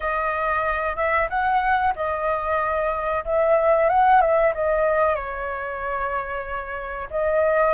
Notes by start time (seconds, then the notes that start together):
0.00 D#5
0.96 E5
1.29 F#5
1.95 D#5
3.24 E5
3.89 F#5
4.21 E5
4.54 D#5
5.15 C#5
7.10 D#5